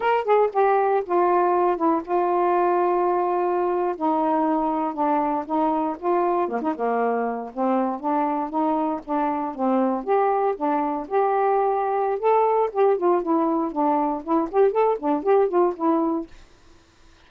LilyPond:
\new Staff \with { instrumentName = "saxophone" } { \time 4/4 \tempo 4 = 118 ais'8 gis'8 g'4 f'4. e'8 | f'2.~ f'8. dis'16~ | dis'4.~ dis'16 d'4 dis'4 f'16~ | f'8. ais16 dis'16 ais4. c'4 d'16~ |
d'8. dis'4 d'4 c'4 g'16~ | g'8. d'4 g'2~ g'16 | a'4 g'8 f'8 e'4 d'4 | e'8 g'8 a'8 d'8 g'8 f'8 e'4 | }